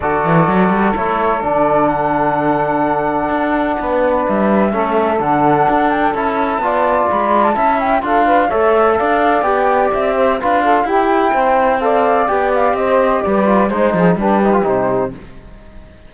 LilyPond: <<
  \new Staff \with { instrumentName = "flute" } { \time 4/4 \tempo 4 = 127 d''2 cis''4 d''4 | fis''1~ | fis''4 e''2 fis''4~ | fis''8 g''8 a''2 b''8. a''16~ |
a''8 g''8 f''4 e''4 f''4 | g''4 e''4 f''4 g''4~ | g''4 f''4 g''8 f''8 dis''4 | d''4 c''4 b'4 c''4 | }
  \new Staff \with { instrumentName = "saxophone" } { \time 4/4 a'1~ | a'1 | b'2 a'2~ | a'2 d''2 |
e''4 a'8 b'8 cis''4 d''4~ | d''4. c''8 b'8 a'8 g'4 | c''4 d''2 c''4 | b'4 c''8 gis'8 g'2 | }
  \new Staff \with { instrumentName = "trombone" } { \time 4/4 fis'2 e'4 d'4~ | d'1~ | d'2 cis'4 d'4~ | d'4 e'4 f'2 |
e'4 f'4 a'2 | g'2 f'4 e'4~ | e'4 a'4 g'2~ | g'8 f'8 dis'4 d'8 dis'16 f'16 dis'4 | }
  \new Staff \with { instrumentName = "cello" } { \time 4/4 d8 e8 fis8 g8 a4 d4~ | d2. d'4 | b4 g4 a4 d4 | d'4 cis'4 b4 gis4 |
cis'4 d'4 a4 d'4 | b4 c'4 d'4 e'4 | c'2 b4 c'4 | g4 gis8 f8 g4 c4 | }
>>